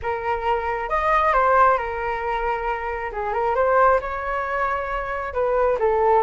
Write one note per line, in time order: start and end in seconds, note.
0.02 0.89 A#4
0.89 1.33 D#5
1.33 1.77 C5
1.77 3.11 A#4
3.12 3.33 G#4
3.33 3.55 A#4
3.55 3.99 C5
4.01 5.33 C#5
5.33 5.78 B4
5.79 6.23 A4